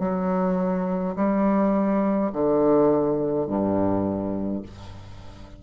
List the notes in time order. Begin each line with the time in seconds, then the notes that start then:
0.00 F#3
1.16 G3
2.33 D3
3.47 G2